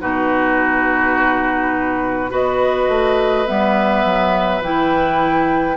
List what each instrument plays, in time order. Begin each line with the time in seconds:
0.00 bassoon B2, clarinet D#4, oboe F#4, flute B4
2.30 bassoon B3, clarinet F#4, oboe B4, flute D#5
2.88 bassoon A3
3.46 bassoon G3, clarinet B3, flute E5
4.05 bassoon F#3
4.60 bassoon E3, clarinet E4, flute G5